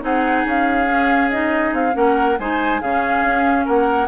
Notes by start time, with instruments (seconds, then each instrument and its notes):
0.00 bassoon C4, clarinet D#4, oboe G#4, flute F#5
0.45 bassoon C#4, flute F5
0.90 clarinet C#4
1.31 clarinet D#4, flute D#5
1.73 bassoon C4, flute F5
1.92 bassoon A#3, clarinet C#4, oboe A#4, flute F#5
2.39 bassoon G#3, clarinet D#4, oboe C5, flute G#5
2.81 bassoon C#3, clarinet C#4, oboe G#4, flute F5
3.23 bassoon C#4
3.65 bassoon A#3, oboe A#4, flute F#5